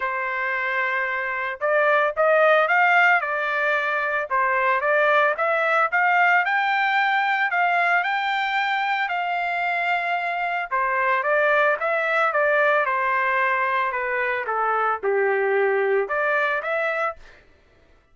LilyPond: \new Staff \with { instrumentName = "trumpet" } { \time 4/4 \tempo 4 = 112 c''2. d''4 | dis''4 f''4 d''2 | c''4 d''4 e''4 f''4 | g''2 f''4 g''4~ |
g''4 f''2. | c''4 d''4 e''4 d''4 | c''2 b'4 a'4 | g'2 d''4 e''4 | }